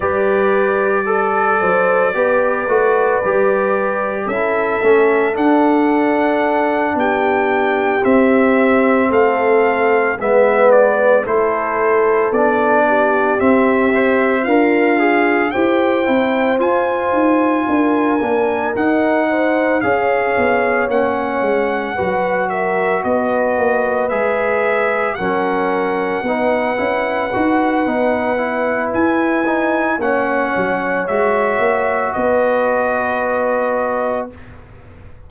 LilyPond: <<
  \new Staff \with { instrumentName = "trumpet" } { \time 4/4 \tempo 4 = 56 d''1 | e''4 fis''4. g''4 e''8~ | e''8 f''4 e''8 d''8 c''4 d''8~ | d''8 e''4 f''4 g''4 gis''8~ |
gis''4. fis''4 f''4 fis''8~ | fis''4 e''8 dis''4 e''4 fis''8~ | fis''2. gis''4 | fis''4 e''4 dis''2 | }
  \new Staff \with { instrumentName = "horn" } { \time 4/4 b'4 a'8 c''8 b'2 | a'2~ a'8 g'4.~ | g'8 a'4 b'4 a'4. | g'4. f'4 c''4.~ |
c''8 ais'4. c''8 cis''4.~ | cis''8 b'8 ais'8 b'2 ais'8~ | ais'8 b'2.~ b'8 | cis''2 b'2 | }
  \new Staff \with { instrumentName = "trombone" } { \time 4/4 g'4 a'4 g'8 fis'8 g'4 | e'8 cis'8 d'2~ d'8 c'8~ | c'4. b4 e'4 d'8~ | d'8 c'8 c''8 ais'8 gis'8 g'8 e'8 f'8~ |
f'4 d'8 dis'4 gis'4 cis'8~ | cis'8 fis'2 gis'4 cis'8~ | cis'8 dis'8 e'8 fis'8 dis'8 e'4 dis'8 | cis'4 fis'2. | }
  \new Staff \with { instrumentName = "tuba" } { \time 4/4 g4. fis8 b8 a8 g4 | cis'8 a8 d'4. b4 c'8~ | c'8 a4 gis4 a4 b8~ | b8 c'4 d'4 e'8 c'8 f'8 |
dis'8 d'8 ais8 dis'4 cis'8 b8 ais8 | gis8 fis4 b8 ais8 gis4 fis8~ | fis8 b8 cis'8 dis'8 b4 e'4 | ais8 fis8 gis8 ais8 b2 | }
>>